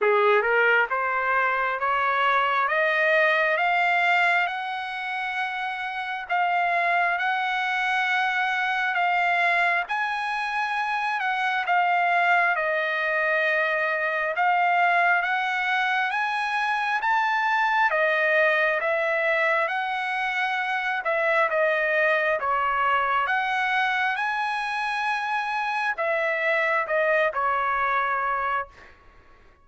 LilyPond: \new Staff \with { instrumentName = "trumpet" } { \time 4/4 \tempo 4 = 67 gis'8 ais'8 c''4 cis''4 dis''4 | f''4 fis''2 f''4 | fis''2 f''4 gis''4~ | gis''8 fis''8 f''4 dis''2 |
f''4 fis''4 gis''4 a''4 | dis''4 e''4 fis''4. e''8 | dis''4 cis''4 fis''4 gis''4~ | gis''4 e''4 dis''8 cis''4. | }